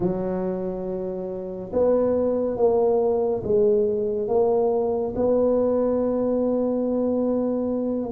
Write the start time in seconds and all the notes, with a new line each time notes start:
0.00 F#3
1.72 B3
2.56 A#3
3.43 G#3
4.28 A#3
5.15 B3